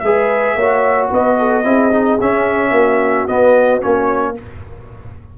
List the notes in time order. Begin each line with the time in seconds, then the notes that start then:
0.00 G#3 G#4 B4 E5
0.56 A#3 F#4 C#5
1.10 B3 B4 D#5
1.39 A4
1.64 C4 E4 G#4
1.91 D#4
2.21 C#4 E5
2.71 A#3 F#4
3.28 B3 D#5
3.81 A#3 C#4 C#5